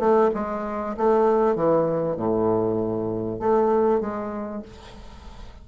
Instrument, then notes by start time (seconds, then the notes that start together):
bassoon
0.00 A3
0.35 G#3
0.98 A3
1.56 E3
2.17 A2
3.40 A3
4.01 G#3